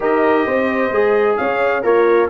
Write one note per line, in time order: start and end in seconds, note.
0.00 0.45 D#4
0.00 0.91 G4
0.00 0.45 A#4
0.00 1.36 D#5
0.45 0.91 C4
0.45 1.37 C5
0.91 1.37 G#3
0.91 1.82 G#4
1.36 1.83 C#4
1.36 1.83 C#5
1.36 1.82 F5
1.82 2.29 A#3
1.82 2.29 F4
1.82 2.28 A#4
1.82 2.29 C#5